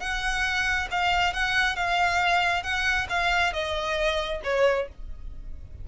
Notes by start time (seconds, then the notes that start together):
0.00 F#5
0.91 F5
1.33 F#5
1.76 F5
2.63 F#5
3.09 F5
3.53 D#5
4.44 C#5